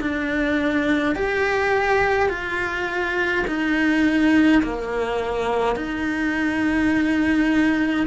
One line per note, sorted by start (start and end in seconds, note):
0.00 1.15 D4
1.15 2.29 G4
2.29 3.44 F4
3.47 4.62 D#4
4.62 5.75 A#3
5.75 8.06 D#4